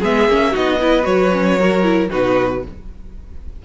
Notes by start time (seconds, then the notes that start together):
0.00 G#3 B3 G#4 E5
0.28 A#3 C#4
0.51 B3 D#4 F#4 D#5
0.81 E4 B4
1.03 F#3 F#4 C#5
1.32 C#4
1.59 F#4 A#4
1.83 E4
2.10 B2 D#4 F#4 B4